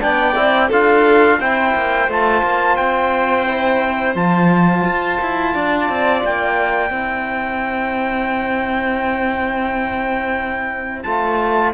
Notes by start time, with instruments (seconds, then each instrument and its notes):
0.00 cello B3, trombone D4, violin D5, trumpet G5
0.36 cello C4, trombone E4
0.69 cello D4, trombone F4, violin A4, trumpet F5
1.39 cello C4, trombone E4, violin C5, trumpet G5
1.76 cello A#3
2.09 cello A3, trombone F4, trumpet A5
2.44 cello A#3
2.77 cello C4, trumpet G5
3.47 trombone E4
4.15 cello F3, trombone F4, trumpet A5
4.85 cello F4
5.22 cello E4
5.55 cello D4, violin D5
5.90 cello C4
6.25 cello A#3, trumpet G5
6.91 cello C4, trombone E4, violin C5
11.03 cello A3, trombone F4, trumpet A5